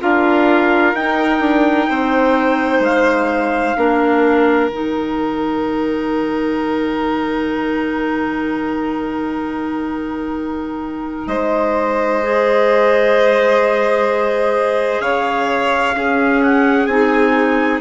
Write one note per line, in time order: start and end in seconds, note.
0.00 0.93 D4
0.00 0.94 F4
0.00 1.89 A#4
0.00 0.95 F5
0.93 1.39 D#4
0.93 3.76 D#4
0.93 2.83 G5
1.39 1.86 D4
1.89 2.80 C4
1.89 3.77 C5
2.80 3.73 G#3
2.80 4.71 F5
3.76 4.68 A#3
3.76 4.70 D4
3.76 11.28 A#4
4.68 11.24 D#3
4.68 12.22 D#4
4.68 11.27 G5
11.27 15.00 G#3
11.27 15.01 C5
11.27 15.01 D#5
12.22 15.94 G#4
15.00 15.94 C#3
15.00 15.95 C#5
15.00 16.41 F5
15.94 16.86 C#4
15.94 16.88 C#4
15.94 17.81 G#4
16.42 16.86 F#5
16.86 17.80 C4
16.86 17.81 D#4
16.86 17.80 G#5